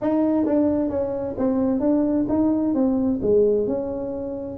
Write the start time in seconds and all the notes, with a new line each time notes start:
0.01 D#4
0.45 D4
0.89 C#4
1.37 C4
1.80 D4
2.29 D#4
2.74 C4
3.22 G#3
3.67 C#4